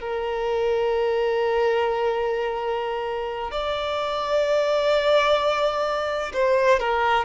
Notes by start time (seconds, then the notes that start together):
0.00 A#4
3.51 D5
6.33 C5
6.79 A#4